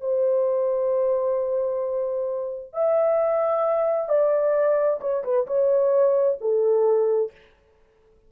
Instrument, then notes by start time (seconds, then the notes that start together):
horn
0.00 C5
2.73 E5
4.09 D5
5.01 C#5
5.24 B4
5.47 C#5
6.40 A4